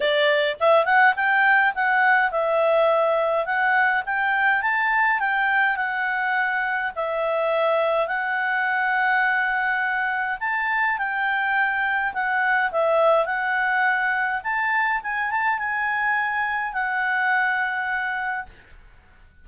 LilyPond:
\new Staff \with { instrumentName = "clarinet" } { \time 4/4 \tempo 4 = 104 d''4 e''8 fis''8 g''4 fis''4 | e''2 fis''4 g''4 | a''4 g''4 fis''2 | e''2 fis''2~ |
fis''2 a''4 g''4~ | g''4 fis''4 e''4 fis''4~ | fis''4 a''4 gis''8 a''8 gis''4~ | gis''4 fis''2. | }